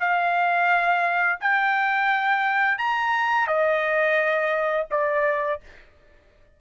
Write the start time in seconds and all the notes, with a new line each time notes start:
0.00 F5
1.40 G5
2.78 A#5
3.48 D#5
4.91 D5